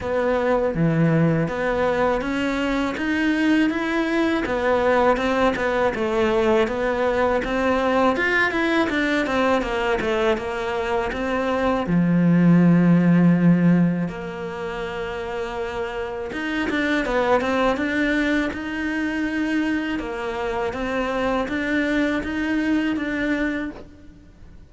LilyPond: \new Staff \with { instrumentName = "cello" } { \time 4/4 \tempo 4 = 81 b4 e4 b4 cis'4 | dis'4 e'4 b4 c'8 b8 | a4 b4 c'4 f'8 e'8 | d'8 c'8 ais8 a8 ais4 c'4 |
f2. ais4~ | ais2 dis'8 d'8 b8 c'8 | d'4 dis'2 ais4 | c'4 d'4 dis'4 d'4 | }